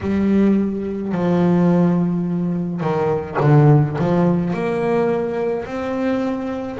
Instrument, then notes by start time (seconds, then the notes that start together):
double bass
0.00 G3
1.12 F3
2.80 D#3
3.40 D3
3.98 F3
4.53 A#3
5.66 C4